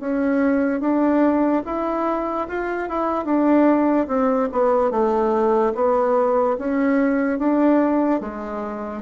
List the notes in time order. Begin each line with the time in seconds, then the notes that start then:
0.00 C#4
0.80 D4
1.66 E4
2.48 F4
2.89 E4
3.25 D4
4.08 C4
4.52 B3
4.91 A3
5.75 B3
6.58 C#4
7.39 D4
8.20 G#3